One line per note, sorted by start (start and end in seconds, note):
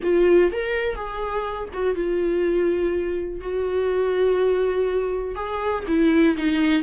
0.03 0.51 F4
0.52 0.95 A#4
0.95 1.68 G#4
1.73 1.95 F#4
1.95 3.40 F4
3.40 5.35 F#4
5.35 5.84 G#4
5.87 6.36 E4
6.37 6.82 D#4